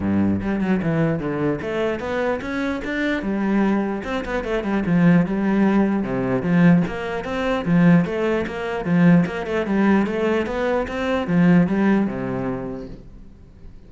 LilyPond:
\new Staff \with { instrumentName = "cello" } { \time 4/4 \tempo 4 = 149 g,4 g8 fis8 e4 d4 | a4 b4 cis'4 d'4 | g2 c'8 b8 a8 g8 | f4 g2 c4 |
f4 ais4 c'4 f4 | a4 ais4 f4 ais8 a8 | g4 a4 b4 c'4 | f4 g4 c2 | }